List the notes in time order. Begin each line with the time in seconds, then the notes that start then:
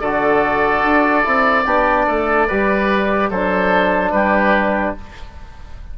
0.00 D3 F#4 A4 D5
0.82 D4
1.23 C4 E4
1.65 B3 D4 G4
2.07 A3 A4
2.47 G3 G4 B4
3.29 F#3 D4 A4 C5
4.11 G3 G4 B4